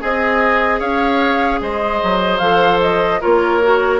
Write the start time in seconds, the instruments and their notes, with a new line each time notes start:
0.00 bassoon C4, clarinet G#4, oboe G#4, flute D#5
0.80 bassoon C#4, oboe C#5, flute F5
1.61 bassoon G#3, oboe C5, flute D#5
2.03 bassoon F#3
2.38 bassoon F3, clarinet A4, flute F5
2.81 flute D#5
3.21 bassoon A#3, clarinet F4, oboe A#4, flute C#5
3.63 clarinet F#4